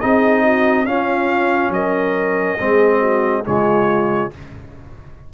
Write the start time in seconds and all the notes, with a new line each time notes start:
0.00 C4 D#4 G#4 D#5
0.43 F#4
0.86 C#4 F4 F5
1.69 F#3 A#4 D#5
2.58 G#3 C4 G#4
2.99 F#4
3.45 C#3 G#3 F4 C#5